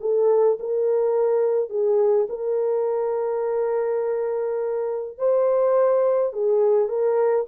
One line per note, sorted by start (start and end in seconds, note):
0.00 0.58 A4
0.59 1.69 A#4
1.69 2.27 G#4
2.29 5.18 A#4
5.18 6.33 C5
6.33 6.88 G#4
6.88 7.46 A#4